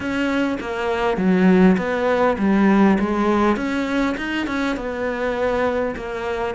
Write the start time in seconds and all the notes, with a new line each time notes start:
0.00 C#4
0.60 A#3
1.17 F#3
1.77 B3
2.38 G3
2.99 G#3
3.56 C#4
4.17 D#4
4.46 C#4
4.76 B3
5.96 A#3